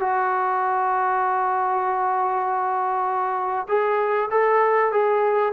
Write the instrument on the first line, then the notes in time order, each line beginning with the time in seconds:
trombone
0.00 F#4
3.68 G#4
4.31 A4
4.92 G#4